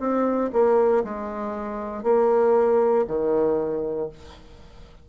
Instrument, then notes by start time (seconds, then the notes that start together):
bassoon
0.00 C4
0.53 A#3
1.04 G#3
2.04 A#3
3.08 D#3